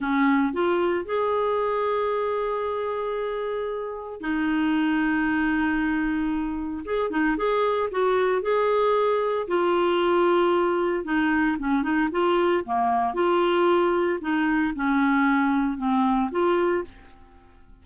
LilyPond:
\new Staff \with { instrumentName = "clarinet" } { \time 4/4 \tempo 4 = 114 cis'4 f'4 gis'2~ | gis'1 | dis'1~ | dis'4 gis'8 dis'8 gis'4 fis'4 |
gis'2 f'2~ | f'4 dis'4 cis'8 dis'8 f'4 | ais4 f'2 dis'4 | cis'2 c'4 f'4 | }